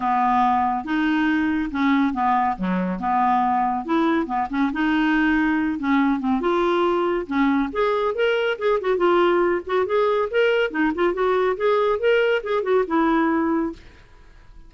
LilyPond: \new Staff \with { instrumentName = "clarinet" } { \time 4/4 \tempo 4 = 140 b2 dis'2 | cis'4 b4 fis4 b4~ | b4 e'4 b8 cis'8 dis'4~ | dis'4. cis'4 c'8 f'4~ |
f'4 cis'4 gis'4 ais'4 | gis'8 fis'8 f'4. fis'8 gis'4 | ais'4 dis'8 f'8 fis'4 gis'4 | ais'4 gis'8 fis'8 e'2 | }